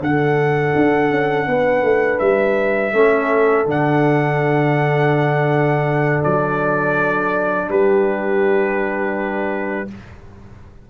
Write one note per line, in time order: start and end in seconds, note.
0.00 0.73 D3
0.00 2.94 D4
0.00 1.48 A4
0.00 2.19 F#5
0.76 1.11 D4
1.11 1.47 C#4
1.47 1.82 B3
1.47 2.95 B4
1.82 2.19 A3
2.19 2.93 G3
2.19 3.66 E5
2.93 3.66 A3
2.93 3.66 C#4
2.93 7.69 A4
3.66 6.22 D3
3.66 9.88 D4
3.66 6.24 F#5
6.24 7.69 F#3
6.24 7.70 D5
7.69 9.89 G3
7.69 9.89 G4
7.69 9.90 B4